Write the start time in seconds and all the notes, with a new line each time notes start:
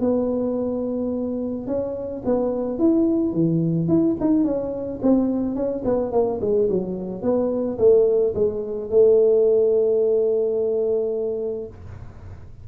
0.00 B3
1.67 C#4
2.25 B3
2.78 E4
3.33 E3
3.88 E4
4.20 D#4
4.44 C#4
5.02 C4
5.55 C#4
5.84 B3
6.12 A#3
6.41 G#3
6.69 F#3
7.22 B3
7.78 A3
8.35 G#3
8.90 A3